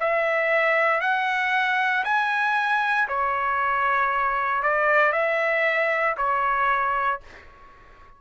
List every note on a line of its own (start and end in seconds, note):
0.00 1.01 E5
1.01 2.04 F#5
2.05 3.08 G#5
3.08 4.63 C#5
4.63 5.13 D5
5.13 6.16 E5
6.17 7.21 C#5